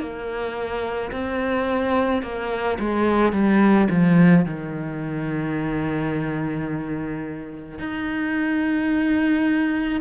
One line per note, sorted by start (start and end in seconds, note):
0.00 1.11 A#3
1.12 2.23 C4
2.23 2.78 A#3
2.79 3.32 G#3
3.32 3.88 G3
3.89 4.45 F3
4.45 7.79 D#3
7.79 10.01 D#4